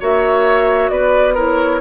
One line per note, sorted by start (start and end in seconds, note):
0.00 0.90 A#3
0.00 1.36 F#4
0.00 0.91 C#5
0.00 0.89 E5
0.89 1.80 B3
0.89 1.34 B4
0.89 1.34 D5
1.34 1.81 E4
1.34 1.80 A#4
1.34 1.81 C#5